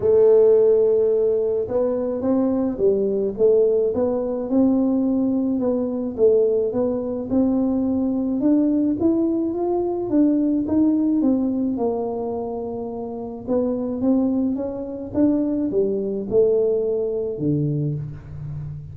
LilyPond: \new Staff \with { instrumentName = "tuba" } { \time 4/4 \tempo 4 = 107 a2. b4 | c'4 g4 a4 b4 | c'2 b4 a4 | b4 c'2 d'4 |
e'4 f'4 d'4 dis'4 | c'4 ais2. | b4 c'4 cis'4 d'4 | g4 a2 d4 | }